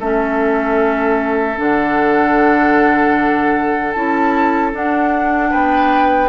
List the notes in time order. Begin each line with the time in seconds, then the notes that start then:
0.00 A3 C#4 A4 E5
1.57 D3 D4 F#5
3.92 C#4 E4 A5
4.72 D4 F#5
5.50 B3 B4 G5